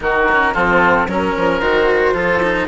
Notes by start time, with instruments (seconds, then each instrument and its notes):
0.00 bassoon D#3, cello D#4, oboe F#4, flute A#4
0.31 cello C#4
0.53 bassoon F3, cello C4, oboe F4, flute A4
1.07 bassoon F#3, cello C#4, flute A#4, oboe A#4
1.36 bassoon F3
1.60 bassoon D#3, cello F#4, flute C5
2.13 bassoon F3, cello F4, oboe A4
2.42 cello D#4